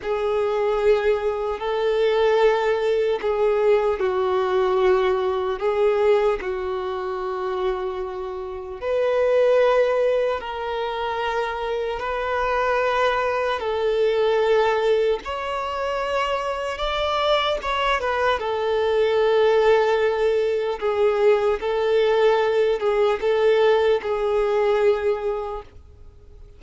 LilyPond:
\new Staff \with { instrumentName = "violin" } { \time 4/4 \tempo 4 = 75 gis'2 a'2 | gis'4 fis'2 gis'4 | fis'2. b'4~ | b'4 ais'2 b'4~ |
b'4 a'2 cis''4~ | cis''4 d''4 cis''8 b'8 a'4~ | a'2 gis'4 a'4~ | a'8 gis'8 a'4 gis'2 | }